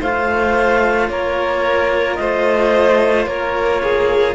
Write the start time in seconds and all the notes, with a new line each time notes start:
0.00 A3 F4 C5 F5
1.09 A#3 A#4 C#5
2.15 A3 C5 D#5
3.26 A#3 A#4 C#5
3.83 G#4